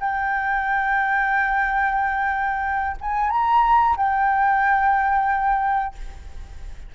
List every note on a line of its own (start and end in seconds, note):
0.00 2.97 G5
3.01 3.30 G#5
3.30 3.96 A#5
3.97 5.95 G5